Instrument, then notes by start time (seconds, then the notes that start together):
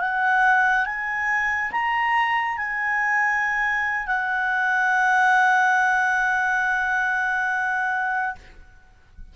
clarinet
0.00 F#5
0.86 G#5
1.72 A#5
2.58 G#5
4.07 F#5